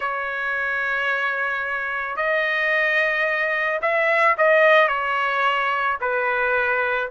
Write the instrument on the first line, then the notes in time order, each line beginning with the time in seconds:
trumpet
0.00 C#5
2.16 D#5
3.81 E5
4.37 D#5
4.88 C#5
6.00 B4